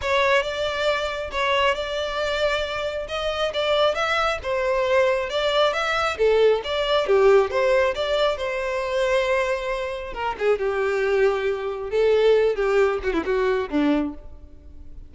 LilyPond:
\new Staff \with { instrumentName = "violin" } { \time 4/4 \tempo 4 = 136 cis''4 d''2 cis''4 | d''2. dis''4 | d''4 e''4 c''2 | d''4 e''4 a'4 d''4 |
g'4 c''4 d''4 c''4~ | c''2. ais'8 gis'8 | g'2. a'4~ | a'8 g'4 fis'16 e'16 fis'4 d'4 | }